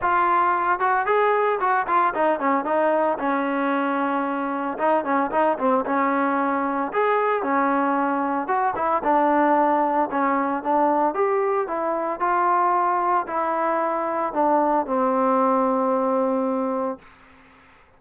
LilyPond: \new Staff \with { instrumentName = "trombone" } { \time 4/4 \tempo 4 = 113 f'4. fis'8 gis'4 fis'8 f'8 | dis'8 cis'8 dis'4 cis'2~ | cis'4 dis'8 cis'8 dis'8 c'8 cis'4~ | cis'4 gis'4 cis'2 |
fis'8 e'8 d'2 cis'4 | d'4 g'4 e'4 f'4~ | f'4 e'2 d'4 | c'1 | }